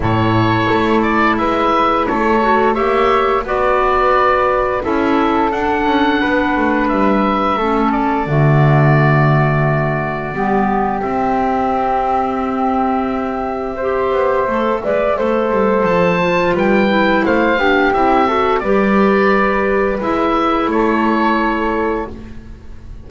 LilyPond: <<
  \new Staff \with { instrumentName = "oboe" } { \time 4/4 \tempo 4 = 87 cis''4. d''8 e''4 cis''4 | e''4 d''2 e''4 | fis''2 e''4. d''8~ | d''1 |
e''1~ | e''2. a''4 | g''4 f''4 e''4 d''4~ | d''4 e''4 cis''2 | }
  \new Staff \with { instrumentName = "flute" } { \time 4/4 a'2 b'4 a'4 | cis''4 b'2 a'4~ | a'4 b'2 a'4 | fis'2. g'4~ |
g'1 | c''4. d''8 c''2 | b'4 c''8 g'4 a'8 b'4~ | b'2 a'2 | }
  \new Staff \with { instrumentName = "clarinet" } { \time 4/4 e'2.~ e'8 fis'8 | g'4 fis'2 e'4 | d'2. cis'4 | a2. b4 |
c'1 | g'4 a'8 b'8 a'4. f'8~ | f'8 e'4 d'8 e'8 fis'8 g'4~ | g'4 e'2. | }
  \new Staff \with { instrumentName = "double bass" } { \time 4/4 a,4 a4 gis4 a4 | ais4 b2 cis'4 | d'8 cis'8 b8 a8 g4 a4 | d2. g4 |
c'1~ | c'8 b8 a8 gis8 a8 g8 f4 | g4 a8 b8 c'4 g4~ | g4 gis4 a2 | }
>>